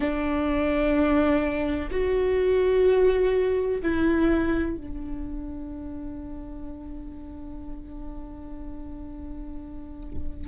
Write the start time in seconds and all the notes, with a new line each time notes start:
0.00 D4
1.90 F#4
3.81 E4
4.76 D4